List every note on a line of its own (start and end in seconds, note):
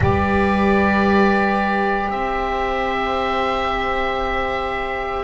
0.00 2.09 G3
0.00 5.24 G4
0.00 2.12 B4
0.00 2.10 D5
2.09 5.24 C4
2.09 5.24 C5
2.09 5.24 E5